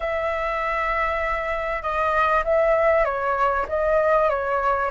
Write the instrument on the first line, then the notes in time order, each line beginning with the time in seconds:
flute
0.00 E5
1.82 D#5
2.44 E5
3.04 C#5
3.68 D#5
4.29 C#5